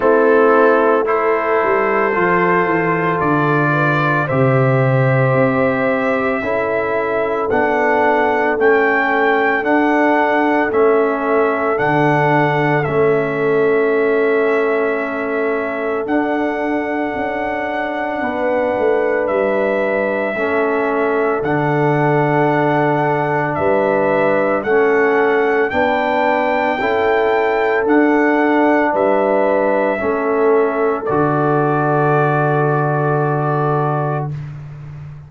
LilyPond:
<<
  \new Staff \with { instrumentName = "trumpet" } { \time 4/4 \tempo 4 = 56 a'4 c''2 d''4 | e''2. fis''4 | g''4 fis''4 e''4 fis''4 | e''2. fis''4~ |
fis''2 e''2 | fis''2 e''4 fis''4 | g''2 fis''4 e''4~ | e''4 d''2. | }
  \new Staff \with { instrumentName = "horn" } { \time 4/4 e'4 a'2~ a'8 b'8 | c''2 a'2~ | a'1~ | a'1~ |
a'4 b'2 a'4~ | a'2 b'4 a'4 | b'4 a'2 b'4 | a'1 | }
  \new Staff \with { instrumentName = "trombone" } { \time 4/4 c'4 e'4 f'2 | g'2 e'4 d'4 | cis'4 d'4 cis'4 d'4 | cis'2. d'4~ |
d'2. cis'4 | d'2. cis'4 | d'4 e'4 d'2 | cis'4 fis'2. | }
  \new Staff \with { instrumentName = "tuba" } { \time 4/4 a4. g8 f8 e8 d4 | c4 c'4 cis'4 b4 | a4 d'4 a4 d4 | a2. d'4 |
cis'4 b8 a8 g4 a4 | d2 g4 a4 | b4 cis'4 d'4 g4 | a4 d2. | }
>>